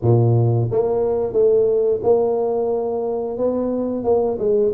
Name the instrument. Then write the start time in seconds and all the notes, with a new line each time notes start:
tuba
0.02 A#2
0.71 A#3
1.33 A3
2.03 A#3
3.37 B3
4.04 A#3
4.38 G#3